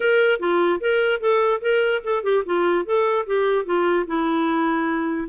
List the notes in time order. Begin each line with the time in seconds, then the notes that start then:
0.00 A#4
0.39 F4
0.80 A#4
1.20 A4
1.61 A#4
2.04 A4
2.23 G4
2.45 F4
2.85 A4
3.26 G4
3.65 F4
4.07 E4